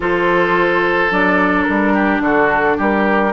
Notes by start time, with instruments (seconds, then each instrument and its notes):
0.00 bassoon F3, clarinet F4, oboe A4, flute C5
1.10 bassoon F#3, clarinet D4, flute D5
1.62 flute A#4
1.69 bassoon G3
1.93 oboe G4
2.20 bassoon D3, oboe F#4, flute A4
2.77 bassoon G3, oboe G4, flute A#4